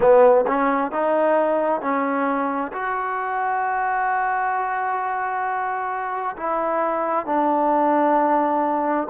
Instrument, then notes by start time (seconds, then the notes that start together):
trombone
0.00 B3
0.47 C#4
0.91 D#4
1.81 C#4
2.72 F#4
6.36 E4
7.26 D4